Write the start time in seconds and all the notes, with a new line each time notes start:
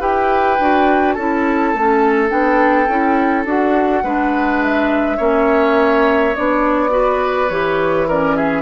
0.00 E4 G4 B4 G5
0.59 D4 F#4
1.13 C#4 E4 A4 A5
1.73 A3 C#4
2.29 B3 D4 G5
2.88 C#4 E4
3.45 D4 F#4 F#5
4.03 G#3 D4 B4
4.63 E5
5.17 A#3 C#4 C#5
6.35 B3 D4 D5
6.89 F#4 B4
7.50 E3 G4 C#5
8.08 C#4 A#4 D5
8.36 G#4 E5